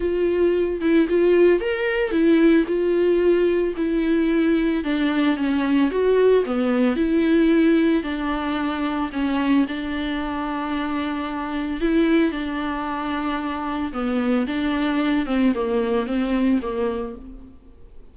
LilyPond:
\new Staff \with { instrumentName = "viola" } { \time 4/4 \tempo 4 = 112 f'4. e'8 f'4 ais'4 | e'4 f'2 e'4~ | e'4 d'4 cis'4 fis'4 | b4 e'2 d'4~ |
d'4 cis'4 d'2~ | d'2 e'4 d'4~ | d'2 b4 d'4~ | d'8 c'8 ais4 c'4 ais4 | }